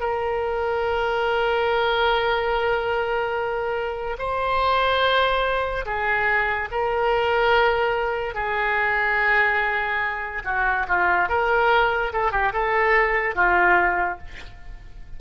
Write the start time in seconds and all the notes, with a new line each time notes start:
0.00 A#4
4.18 C5
5.86 G#4
6.71 A#4
8.34 G#4
10.44 F#4
10.87 F4
11.29 A#4
12.12 A4
12.31 G4
12.53 A4
13.35 F4